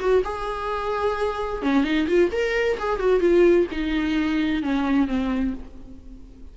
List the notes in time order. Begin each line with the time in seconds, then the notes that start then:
0.00 F#4
0.25 G#4
1.63 C#4
1.84 D#4
2.08 F4
2.32 A#4
2.79 G#4
3.00 F#4
3.21 F4
3.72 D#4
4.63 C#4
5.08 C4